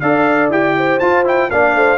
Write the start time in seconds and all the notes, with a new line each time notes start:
0.00 D4 A4 D5 F5
0.50 E4 G4 G5
0.77 C5
0.99 F4 A5
1.24 E4 G5
1.50 A#3 D4 D5 F5
1.75 A3 C5